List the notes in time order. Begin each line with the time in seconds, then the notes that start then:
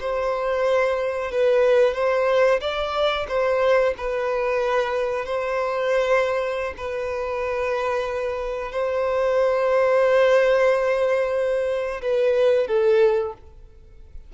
0.00 C5
1.31 B4
1.94 C5
2.60 D5
3.28 C5
3.97 B4
5.25 C5
6.77 B4
8.72 C5
12.02 B4
12.67 A4